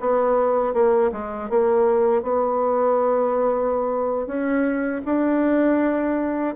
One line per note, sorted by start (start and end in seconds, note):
0.00 0.74 B3
0.74 1.11 A#3
1.12 1.50 G#3
1.50 2.22 A#3
2.22 4.27 B3
4.27 5.02 C#4
5.06 6.56 D4